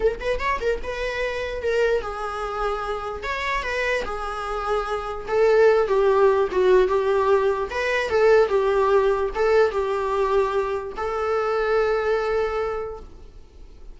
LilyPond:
\new Staff \with { instrumentName = "viola" } { \time 4/4 \tempo 4 = 148 ais'8 b'8 cis''8 ais'8 b'2 | ais'4 gis'2. | cis''4 b'4 gis'2~ | gis'4 a'4. g'4. |
fis'4 g'2 b'4 | a'4 g'2 a'4 | g'2. a'4~ | a'1 | }